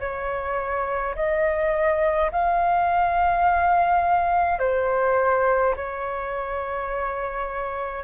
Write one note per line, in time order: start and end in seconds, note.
0.00 1.15 C#5
1.16 2.31 D#5
2.32 4.59 F5
4.59 5.75 C5
5.76 8.04 C#5